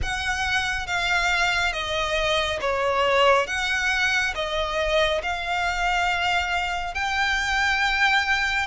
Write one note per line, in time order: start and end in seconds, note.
0.02 0.87 F#5
0.87 1.72 F5
1.72 2.59 D#5
2.60 3.47 C#5
3.47 4.34 F#5
4.34 5.21 D#5
5.22 6.94 F5
6.94 8.66 G5